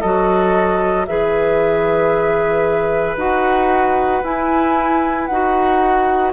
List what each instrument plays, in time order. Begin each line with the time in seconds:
0.00 bassoon F#3, clarinet F#4, oboe A4, flute D#5
1.06 bassoon E3, clarinet G#4, oboe B4, flute E5
3.16 bassoon D#4, clarinet F#4, flute F#5
4.23 bassoon E4, clarinet E4, flute G#5
5.26 bassoon D#4, clarinet F#4, flute F#5